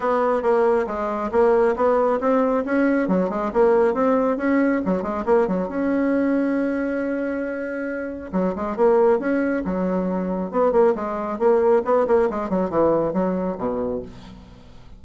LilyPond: \new Staff \with { instrumentName = "bassoon" } { \time 4/4 \tempo 4 = 137 b4 ais4 gis4 ais4 | b4 c'4 cis'4 fis8 gis8 | ais4 c'4 cis'4 fis8 gis8 | ais8 fis8 cis'2.~ |
cis'2. fis8 gis8 | ais4 cis'4 fis2 | b8 ais8 gis4 ais4 b8 ais8 | gis8 fis8 e4 fis4 b,4 | }